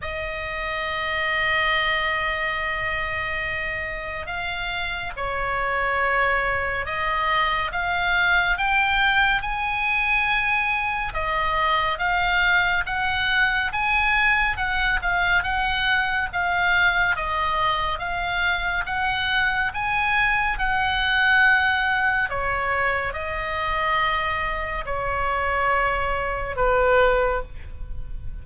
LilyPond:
\new Staff \with { instrumentName = "oboe" } { \time 4/4 \tempo 4 = 70 dis''1~ | dis''4 f''4 cis''2 | dis''4 f''4 g''4 gis''4~ | gis''4 dis''4 f''4 fis''4 |
gis''4 fis''8 f''8 fis''4 f''4 | dis''4 f''4 fis''4 gis''4 | fis''2 cis''4 dis''4~ | dis''4 cis''2 b'4 | }